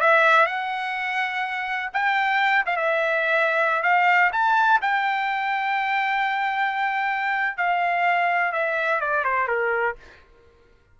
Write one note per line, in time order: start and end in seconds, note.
0.00 0.46 E5
0.46 1.90 F#5
1.93 2.65 G5
2.65 2.76 F5
2.76 3.83 E5
3.83 4.31 F5
4.32 4.80 A5
4.81 7.57 G5
7.57 8.52 F5
8.52 9.00 E5
9.00 9.24 D5
9.24 9.47 C5
9.47 9.95 A#4